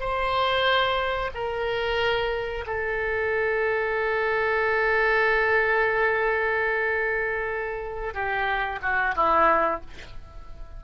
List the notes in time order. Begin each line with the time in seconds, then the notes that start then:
0.00 C5
1.35 A#4
2.67 A4
8.14 G4
8.82 F#4
9.16 E4